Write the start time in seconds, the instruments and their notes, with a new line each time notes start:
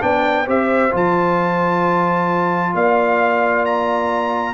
0.00 tuba B3, trombone D4, horn D5, trumpet G5
0.46 tuba C4, trombone G4, horn C5, trumpet E5
0.91 tuba F3, trombone F4, trumpet A5
2.74 tuba A#3, horn D5, trumpet F5
3.65 trumpet A#5